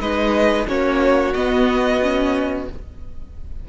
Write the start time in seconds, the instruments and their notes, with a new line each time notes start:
0.00 cello G#3, viola D#4, violin B4 D#5
0.67 cello A#3, viola C#4, violin F#4 C#5
1.34 viola B3, cello B3, violin D#5
2.02 viola C#4